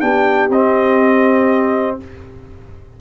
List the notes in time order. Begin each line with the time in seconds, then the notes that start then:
0.00 B3 D4 G4 G5
0.49 C4 D#5